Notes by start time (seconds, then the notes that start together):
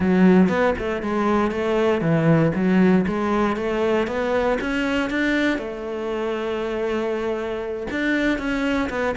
0.00 F#3
0.48 B3
0.78 A3
1.02 G#3
1.51 A3
2.01 E3
2.54 F#3
3.07 G#3
3.56 A3
4.07 B3
4.61 C#4
5.10 D4
5.58 A3
7.90 D4
8.38 C#4
8.89 B3